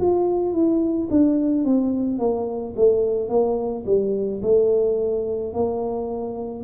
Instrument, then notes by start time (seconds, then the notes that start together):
tuba
0.00 F4
0.53 E4
1.11 D4
1.65 C4
2.19 A#3
2.77 A3
3.30 A#3
3.86 G3
4.43 A3
5.54 A#3